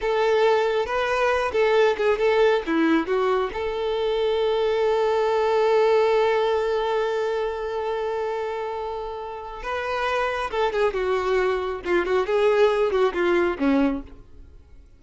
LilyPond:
\new Staff \with { instrumentName = "violin" } { \time 4/4 \tempo 4 = 137 a'2 b'4. a'8~ | a'8 gis'8 a'4 e'4 fis'4 | a'1~ | a'1~ |
a'1~ | a'2 b'2 | a'8 gis'8 fis'2 f'8 fis'8 | gis'4. fis'8 f'4 cis'4 | }